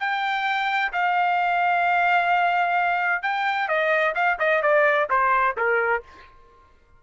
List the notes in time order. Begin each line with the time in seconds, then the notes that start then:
0.00 G5
0.93 F5
3.22 G5
3.68 D#5
4.15 F5
4.39 D#5
4.62 D5
5.10 C5
5.57 A#4